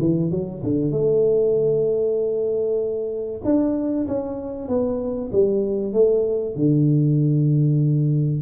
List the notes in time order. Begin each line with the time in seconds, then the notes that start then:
0.00 E3
0.31 F#3
0.64 D3
0.91 A3
3.45 D4
4.08 C#4
4.68 B3
5.33 G3
5.93 A3
6.56 D3